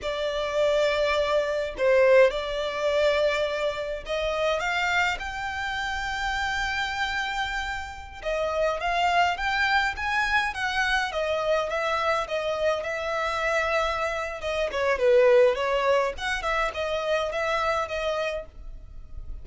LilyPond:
\new Staff \with { instrumentName = "violin" } { \time 4/4 \tempo 4 = 104 d''2. c''4 | d''2. dis''4 | f''4 g''2.~ | g''2~ g''16 dis''4 f''8.~ |
f''16 g''4 gis''4 fis''4 dis''8.~ | dis''16 e''4 dis''4 e''4.~ e''16~ | e''4 dis''8 cis''8 b'4 cis''4 | fis''8 e''8 dis''4 e''4 dis''4 | }